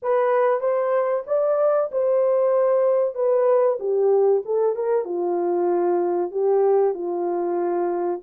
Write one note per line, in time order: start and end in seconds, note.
0.02 0.60 B4
0.60 1.23 C5
1.26 1.89 D5
1.91 3.14 C5
3.14 3.78 B4
3.79 4.42 G4
4.45 4.75 A4
4.75 5.04 A#4
5.04 6.31 F4
6.31 6.93 G4
6.93 8.20 F4